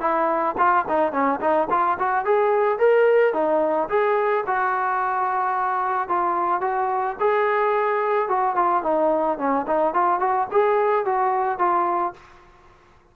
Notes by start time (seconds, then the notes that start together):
0.00 E4
0.58 F4
0.89 D#4
1.12 C#4
1.40 D#4
1.70 F4
1.99 F#4
2.25 G#4
2.79 A#4
3.34 D#4
3.89 G#4
4.46 F#4
6.09 F4
6.61 F#4
7.20 G#4
8.28 F#4
8.55 F4
8.83 D#4
9.38 C#4
9.67 D#4
9.94 F4
10.20 F#4
10.51 G#4
11.05 F#4
11.58 F4